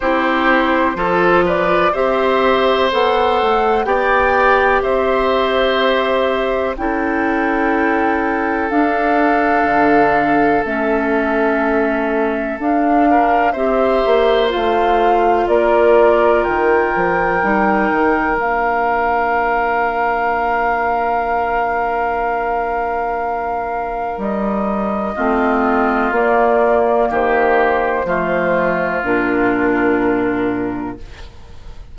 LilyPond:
<<
  \new Staff \with { instrumentName = "flute" } { \time 4/4 \tempo 4 = 62 c''4. d''8 e''4 fis''4 | g''4 e''2 g''4~ | g''4 f''2 e''4~ | e''4 f''4 e''4 f''4 |
d''4 g''2 f''4~ | f''1~ | f''4 dis''2 d''4 | c''2 ais'2 | }
  \new Staff \with { instrumentName = "oboe" } { \time 4/4 g'4 a'8 b'8 c''2 | d''4 c''2 a'4~ | a'1~ | a'4. ais'8 c''2 |
ais'1~ | ais'1~ | ais'2 f'2 | g'4 f'2. | }
  \new Staff \with { instrumentName = "clarinet" } { \time 4/4 e'4 f'4 g'4 a'4 | g'2. e'4~ | e'4 d'2 cis'4~ | cis'4 d'4 g'4 f'4~ |
f'2 dis'4 d'4~ | d'1~ | d'2 c'4 ais4~ | ais4 a4 d'2 | }
  \new Staff \with { instrumentName = "bassoon" } { \time 4/4 c'4 f4 c'4 b8 a8 | b4 c'2 cis'4~ | cis'4 d'4 d4 a4~ | a4 d'4 c'8 ais8 a4 |
ais4 dis8 f8 g8 dis8 ais4~ | ais1~ | ais4 g4 a4 ais4 | dis4 f4 ais,2 | }
>>